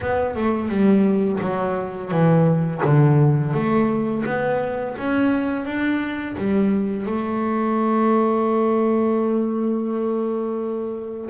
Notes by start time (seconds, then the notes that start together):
0.01 B3
0.35 A3
0.68 G3
1.40 F#3
2.11 E3
2.84 D3
3.53 A3
4.25 B3
4.97 C#4
5.65 D4
6.37 G3
7.06 A3